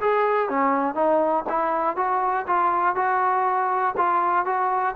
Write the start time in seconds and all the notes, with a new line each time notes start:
0.00 G#4
0.49 C#4
0.94 D#4
1.49 E4
1.96 F#4
2.47 F4
2.95 F#4
3.97 F4
4.45 F#4